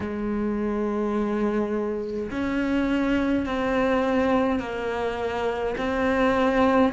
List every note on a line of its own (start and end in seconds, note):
0.00 2.30 G#3
2.31 3.46 C#4
3.46 4.59 C4
4.59 5.75 A#3
5.77 6.92 C4